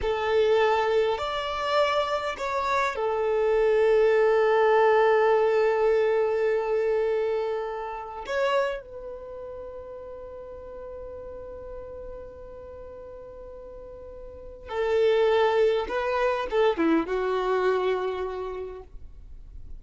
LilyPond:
\new Staff \with { instrumentName = "violin" } { \time 4/4 \tempo 4 = 102 a'2 d''2 | cis''4 a'2.~ | a'1~ | a'2 cis''4 b'4~ |
b'1~ | b'1~ | b'4 a'2 b'4 | a'8 e'8 fis'2. | }